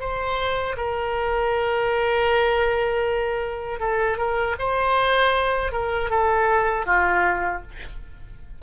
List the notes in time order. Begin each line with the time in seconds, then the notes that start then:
0.00 C5
0.77 A#4
3.80 A4
4.18 A#4
4.59 C5
5.72 A#4
6.10 A4
6.86 F4